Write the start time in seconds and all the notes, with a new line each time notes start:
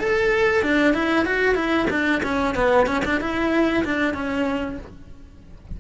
0.00 A4
0.63 D4
0.94 E4
1.26 F#4
1.55 E4
1.90 D4
2.23 C#4
2.55 B3
2.87 C#4
3.05 D4
3.21 E4
3.85 D4
4.14 C#4